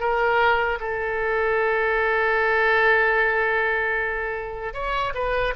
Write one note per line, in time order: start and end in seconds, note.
0.00 0.79 A#4
0.80 4.74 A4
4.74 5.13 C#5
5.14 5.54 B4